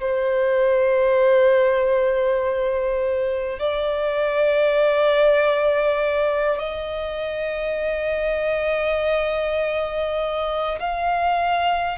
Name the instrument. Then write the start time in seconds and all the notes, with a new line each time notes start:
violin
0.00 C5
3.59 D5
6.59 D#5
10.80 F5